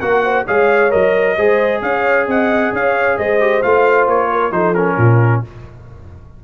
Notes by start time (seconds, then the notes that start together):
0.00 A#3 F#4 A#4 F#5
0.23 C5
0.46 G#3 G#4 C#5 F5
0.90 F#3 A#4 D#5
1.36 G#3 G#4 C5
1.82 C#4 C#5 F5
2.27 C4 D#5 F#5
2.72 C#4 C#5 F5
3.17 G#3 C5 D#5
3.40 G4
3.62 A3 F4 F5
4.07 A#3 C#5
4.31 A#4
4.51 F3 D#4 A4 C5
4.74 C#4 A#4
4.97 A#2 F4